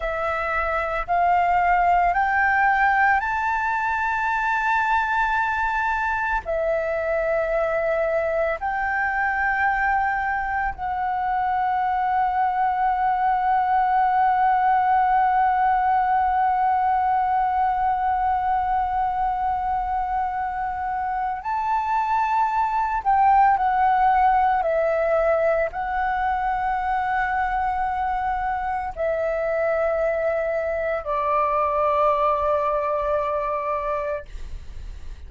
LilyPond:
\new Staff \with { instrumentName = "flute" } { \time 4/4 \tempo 4 = 56 e''4 f''4 g''4 a''4~ | a''2 e''2 | g''2 fis''2~ | fis''1~ |
fis''1 | a''4. g''8 fis''4 e''4 | fis''2. e''4~ | e''4 d''2. | }